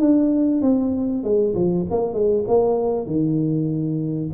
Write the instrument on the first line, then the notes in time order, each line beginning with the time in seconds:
tuba
0.00 D4
0.62 C4
1.24 G#3
1.55 F3
1.91 A#3
2.14 G#3
2.48 A#3
3.06 D#3